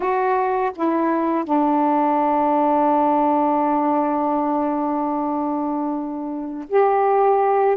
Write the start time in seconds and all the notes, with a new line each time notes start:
0.00 F#4
0.75 E4
1.44 D4
6.68 G4